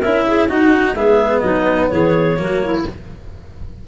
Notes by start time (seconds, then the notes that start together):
0.00 C#4 E4 A#4 E5
0.27 G#4
0.47 D#4 F#4 F#5
0.94 G#3 B3 G#4 E5
1.39 F#3 D#4 D#5
1.88 E3 G#4 C#5
2.37 F#3 A#3 F#4
2.64 E4